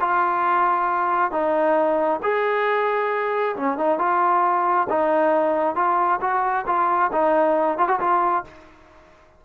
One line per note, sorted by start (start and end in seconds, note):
0.00 1.31 F4
1.31 2.20 D#4
2.22 3.56 G#4
3.56 3.78 C#4
3.78 3.98 D#4
3.98 4.87 F4
4.89 5.75 D#4
5.75 6.20 F4
6.21 6.65 F#4
6.66 7.11 F4
7.12 7.78 D#4
7.78 7.88 F4
7.88 7.99 F#4
8.00 8.44 F4